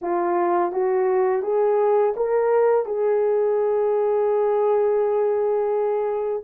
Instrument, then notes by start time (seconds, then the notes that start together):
horn
0.01 F4
0.71 F#4
1.42 G#4
2.16 A#4
2.85 G#4